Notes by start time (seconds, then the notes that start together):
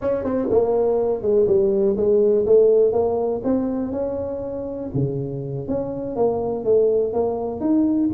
0.01 C#4
0.23 C4
0.50 A#3
1.21 G#3
1.47 G3
1.96 G#3
2.46 A3
2.92 A#3
3.43 C4
3.92 C#4
4.94 C#3
5.68 C#4
6.16 A#3
6.64 A3
7.13 A#3
7.60 D#4